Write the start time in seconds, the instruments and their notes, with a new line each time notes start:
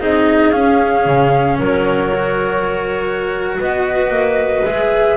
0.00 double bass C4, cello D#4, clarinet G#4, flute D#5
0.52 cello C#4, double bass C#4, flute F5
1.06 double bass C#3
1.58 double bass F#3, clarinet A#4, flute C#5
2.13 cello F#4
3.60 double bass B3, clarinet B4, flute D#5
4.10 double bass A#3
4.65 double bass G#3, cello G#4, flute E5